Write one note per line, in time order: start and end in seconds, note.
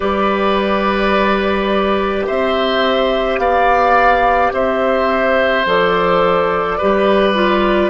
0.00 2.27 G3
0.00 5.64 G4
0.00 2.26 B4
0.00 2.25 D5
2.26 3.38 C4
2.26 3.39 C5
2.26 3.38 E5
3.38 4.51 B3
3.38 4.53 D5
3.38 4.51 F5
4.52 5.65 C4
4.52 6.78 C5
4.52 5.67 E5
5.65 6.78 F3
5.65 6.79 A4
5.65 7.90 D5
6.78 7.90 G3
6.78 7.34 G4
6.78 7.90 B4
7.34 7.90 F4